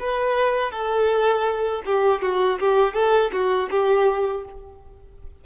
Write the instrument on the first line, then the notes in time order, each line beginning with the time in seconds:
violin
0.00 B4
0.72 A4
1.86 G4
2.22 F#4
2.60 G4
2.94 A4
3.33 F#4
3.70 G4